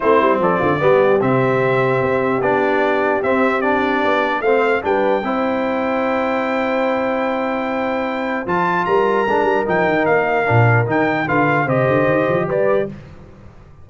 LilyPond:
<<
  \new Staff \with { instrumentName = "trumpet" } { \time 4/4 \tempo 4 = 149 c''4 d''2 e''4~ | e''2 d''2 | e''4 d''2 f''4 | g''1~ |
g''1~ | g''4 a''4 ais''2 | g''4 f''2 g''4 | f''4 dis''2 d''4 | }
  \new Staff \with { instrumentName = "horn" } { \time 4/4 e'4 a'8 f'8 g'2~ | g'1~ | g'2. c''4 | b'4 c''2.~ |
c''1~ | c''2 ais'2~ | ais'1 | b'4 c''2 b'4 | }
  \new Staff \with { instrumentName = "trombone" } { \time 4/4 c'2 b4 c'4~ | c'2 d'2 | c'4 d'2 c'4 | d'4 e'2.~ |
e'1~ | e'4 f'2 d'4 | dis'2 d'4 dis'4 | f'4 g'2. | }
  \new Staff \with { instrumentName = "tuba" } { \time 4/4 a8 g8 f8 d8 g4 c4~ | c4 c'4 b2 | c'2 b4 a4 | g4 c'2.~ |
c'1~ | c'4 f4 g4 gis8 g8 | f8 dis8 ais4 ais,4 dis4 | d4 c8 d8 dis8 f8 g4 | }
>>